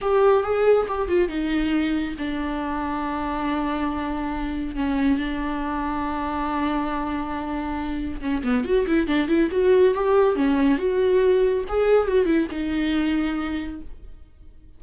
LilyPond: \new Staff \with { instrumentName = "viola" } { \time 4/4 \tempo 4 = 139 g'4 gis'4 g'8 f'8 dis'4~ | dis'4 d'2.~ | d'2. cis'4 | d'1~ |
d'2. cis'8 b8 | fis'8 e'8 d'8 e'8 fis'4 g'4 | cis'4 fis'2 gis'4 | fis'8 e'8 dis'2. | }